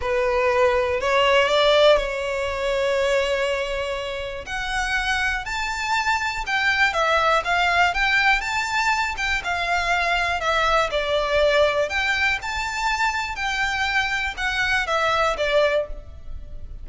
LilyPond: \new Staff \with { instrumentName = "violin" } { \time 4/4 \tempo 4 = 121 b'2 cis''4 d''4 | cis''1~ | cis''4 fis''2 a''4~ | a''4 g''4 e''4 f''4 |
g''4 a''4. g''8 f''4~ | f''4 e''4 d''2 | g''4 a''2 g''4~ | g''4 fis''4 e''4 d''4 | }